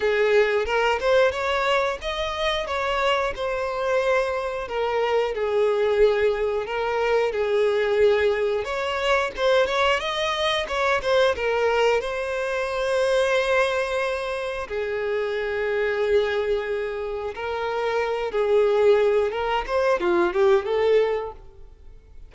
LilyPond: \new Staff \with { instrumentName = "violin" } { \time 4/4 \tempo 4 = 90 gis'4 ais'8 c''8 cis''4 dis''4 | cis''4 c''2 ais'4 | gis'2 ais'4 gis'4~ | gis'4 cis''4 c''8 cis''8 dis''4 |
cis''8 c''8 ais'4 c''2~ | c''2 gis'2~ | gis'2 ais'4. gis'8~ | gis'4 ais'8 c''8 f'8 g'8 a'4 | }